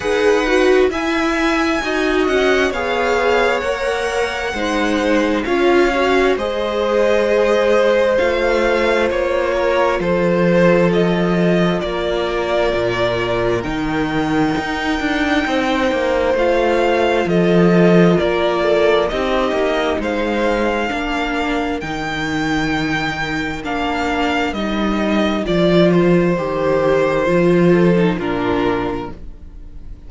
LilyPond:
<<
  \new Staff \with { instrumentName = "violin" } { \time 4/4 \tempo 4 = 66 fis''4 gis''4. fis''8 f''4 | fis''2 f''4 dis''4~ | dis''4 f''4 cis''4 c''4 | dis''4 d''2 g''4~ |
g''2 f''4 dis''4 | d''4 dis''4 f''2 | g''2 f''4 dis''4 | d''8 c''2~ c''8 ais'4 | }
  \new Staff \with { instrumentName = "violin" } { \time 4/4 b'4 e''4 dis''4 cis''4~ | cis''4 c''4 cis''4 c''4~ | c''2~ c''8 ais'8 a'4~ | a'4 ais'2.~ |
ais'4 c''2 a'4 | ais'8 a'8 g'4 c''4 ais'4~ | ais'1~ | ais'2~ ais'8 a'8 f'4 | }
  \new Staff \with { instrumentName = "viola" } { \time 4/4 gis'8 fis'8 e'4 fis'4 gis'4 | ais'4 dis'4 f'8 fis'8 gis'4~ | gis'4 f'2.~ | f'2. dis'4~ |
dis'2 f'2~ | f'4 dis'2 d'4 | dis'2 d'4 dis'4 | f'4 g'4 f'8. dis'16 d'4 | }
  \new Staff \with { instrumentName = "cello" } { \time 4/4 dis'4 e'4 dis'8 cis'8 b4 | ais4 gis4 cis'4 gis4~ | gis4 a4 ais4 f4~ | f4 ais4 ais,4 dis4 |
dis'8 d'8 c'8 ais8 a4 f4 | ais4 c'8 ais8 gis4 ais4 | dis2 ais4 g4 | f4 dis4 f4 ais,4 | }
>>